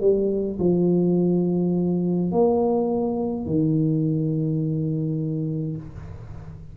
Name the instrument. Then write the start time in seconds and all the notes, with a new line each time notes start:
tuba
0.00 G3
0.59 F3
2.31 A#3
3.46 D#3